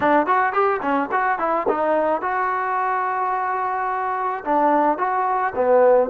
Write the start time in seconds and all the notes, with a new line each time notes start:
0.00 D4
0.26 F#4
0.52 G4
0.82 C#4
1.11 F#4
1.38 E4
1.68 D#4
2.21 F#4
4.44 D4
4.98 F#4
5.55 B3